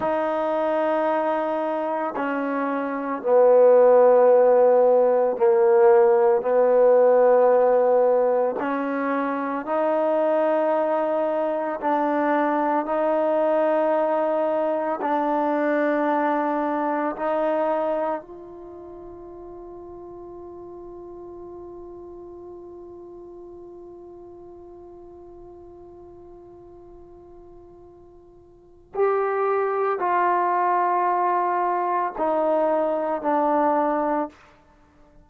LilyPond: \new Staff \with { instrumentName = "trombone" } { \time 4/4 \tempo 4 = 56 dis'2 cis'4 b4~ | b4 ais4 b2 | cis'4 dis'2 d'4 | dis'2 d'2 |
dis'4 f'2.~ | f'1~ | f'2. g'4 | f'2 dis'4 d'4 | }